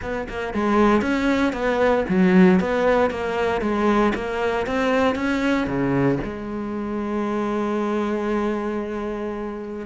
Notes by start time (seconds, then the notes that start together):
0.01 B3
0.28 A#3
0.53 G#3
1.01 C#4
1.53 B3
2.08 F#3
2.60 B3
3.10 A#3
3.61 G#3
4.14 A#3
4.66 C4
5.15 C#4
5.66 C#3
6.24 G#3